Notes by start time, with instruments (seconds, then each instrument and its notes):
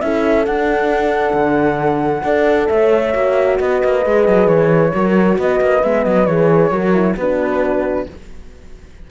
0.00 cello C#4, horn E4 A4, flute E5
0.46 cello D4, horn D4, flute F#5
1.33 cello D3
2.23 cello D4, horn A4 D5
2.68 cello A3, horn C#5, flute E5
3.13 cello A#3, horn F#4
3.58 cello B3, horn B4, flute D#5
3.84 cello A#3
4.01 cello G#3, horn G#4
4.28 cello F#3
4.47 cello E3, flute C#5
4.92 cello F#3, horn F#4 A#4
5.38 cello B3, horn B4, flute D#5
5.61 cello A#3
5.83 cello G#3, horn B3, flute E5
6.04 cello F#3, flute D#5
6.25 cello E3, horn G#4, flute C#5
6.71 cello F#3, horn F#4 A#4
6.94 horn E4
7.16 cello B3, horn D4 F#4, flute B4